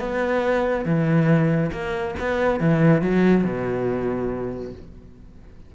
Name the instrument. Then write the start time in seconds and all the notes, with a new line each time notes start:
cello
0.00 B3
0.86 E3
1.72 A#3
2.20 B3
2.60 E3
3.02 F#3
3.44 B2